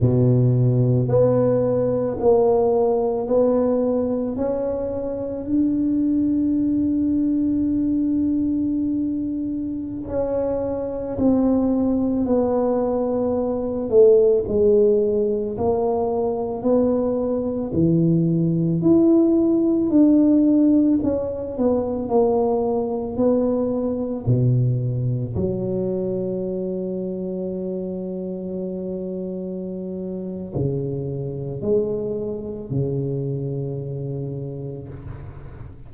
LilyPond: \new Staff \with { instrumentName = "tuba" } { \time 4/4 \tempo 4 = 55 b,4 b4 ais4 b4 | cis'4 d'2.~ | d'4~ d'16 cis'4 c'4 b8.~ | b8. a8 gis4 ais4 b8.~ |
b16 e4 e'4 d'4 cis'8 b16~ | b16 ais4 b4 b,4 fis8.~ | fis1 | cis4 gis4 cis2 | }